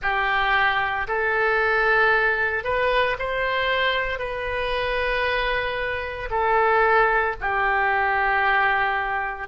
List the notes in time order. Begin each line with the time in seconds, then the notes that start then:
0.01 G4
1.07 A4
2.64 B4
3.18 C5
4.18 B4
6.30 A4
7.40 G4